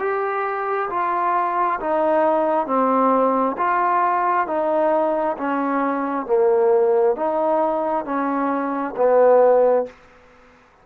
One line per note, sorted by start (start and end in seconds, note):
0.00 0.90 G4
0.90 1.80 F4
1.80 2.67 D#4
2.67 3.57 C4
3.58 4.47 F4
4.47 5.37 D#4
5.38 6.26 C#4
6.26 7.16 A#3
7.16 8.06 D#4
8.06 8.95 C#4
8.97 9.86 B3